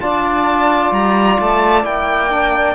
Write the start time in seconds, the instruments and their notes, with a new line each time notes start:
0.00 cello D4, trombone F4, flute D5, violin A5
0.91 cello G3, violin A#5
1.39 cello A3, violin A5
1.84 cello A#3, trombone E4, violin G5
2.29 trombone D4